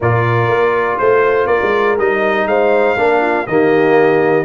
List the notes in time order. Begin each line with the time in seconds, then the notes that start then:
0.00 A#2 F4 A#4 D5
0.47 A#3
0.98 A3 C5
1.46 A#3 A#4 D5
1.62 G#3
1.98 G3 D#4 D#5
2.46 G#3 C5 F5
2.97 A#3 D4 A#4
3.21 F4
3.46 D#3 A#3 G4 D#5